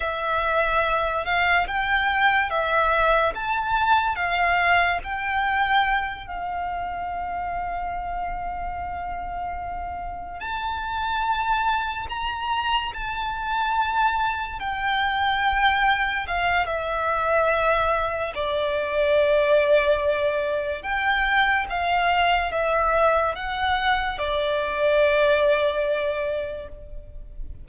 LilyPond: \new Staff \with { instrumentName = "violin" } { \time 4/4 \tempo 4 = 72 e''4. f''8 g''4 e''4 | a''4 f''4 g''4. f''8~ | f''1~ | f''8 a''2 ais''4 a''8~ |
a''4. g''2 f''8 | e''2 d''2~ | d''4 g''4 f''4 e''4 | fis''4 d''2. | }